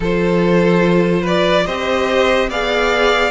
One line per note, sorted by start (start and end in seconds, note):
0.00 1.65 F3
0.00 1.67 F4
0.00 1.21 A4
0.00 1.26 C5
1.21 1.63 B4
1.21 1.66 D5
1.66 2.49 C4
1.66 2.50 G4
1.66 2.49 C5
1.66 2.49 D#5
2.49 3.31 B3
2.49 3.31 G#4
2.49 3.31 D5
2.49 3.31 F5